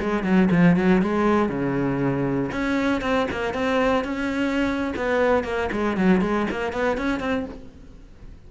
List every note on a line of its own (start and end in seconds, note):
0.00 0.23 G#3
0.23 0.49 F#3
0.51 0.76 F3
0.76 1.01 F#3
1.01 1.49 G#3
1.49 2.51 C#3
2.52 3.01 C#4
3.01 3.27 C4
3.31 3.54 A#3
3.54 4.04 C4
4.04 4.93 C#4
4.96 5.44 B3
5.44 5.69 A#3
5.72 5.97 G#3
5.97 6.21 F#3
6.21 6.46 G#3
6.50 6.73 A#3
6.73 6.97 B3
6.97 7.20 C#4
7.20 7.45 C4